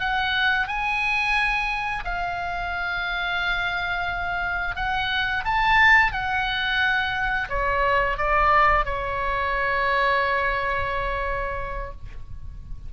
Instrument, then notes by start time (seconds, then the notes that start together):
oboe
0.00 F#5
0.68 G#5
2.05 F5
4.76 F#5
5.45 A5
6.12 F#5
7.49 C#5
8.18 D5
8.85 C#5